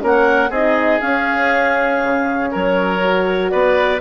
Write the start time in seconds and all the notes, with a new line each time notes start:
0.00 A#3 C#4 A#4 F#5
0.49 C4 D#4 G#4 D#5
1.01 C#4 F5
2.03 C#3
2.51 F#3 A#4 C#5
2.99 F#4
3.50 B3 B4 D5